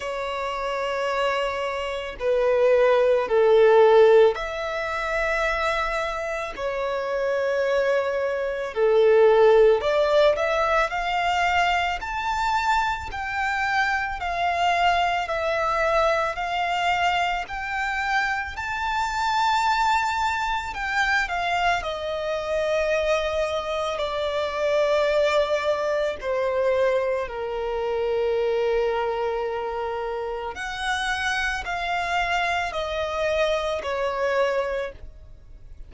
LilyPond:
\new Staff \with { instrumentName = "violin" } { \time 4/4 \tempo 4 = 55 cis''2 b'4 a'4 | e''2 cis''2 | a'4 d''8 e''8 f''4 a''4 | g''4 f''4 e''4 f''4 |
g''4 a''2 g''8 f''8 | dis''2 d''2 | c''4 ais'2. | fis''4 f''4 dis''4 cis''4 | }